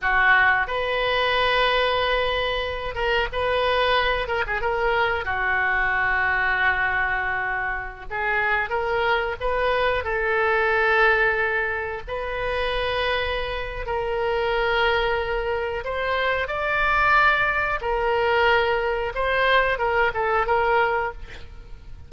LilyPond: \new Staff \with { instrumentName = "oboe" } { \time 4/4 \tempo 4 = 91 fis'4 b'2.~ | b'8 ais'8 b'4. ais'16 gis'16 ais'4 | fis'1~ | fis'16 gis'4 ais'4 b'4 a'8.~ |
a'2~ a'16 b'4.~ b'16~ | b'4 ais'2. | c''4 d''2 ais'4~ | ais'4 c''4 ais'8 a'8 ais'4 | }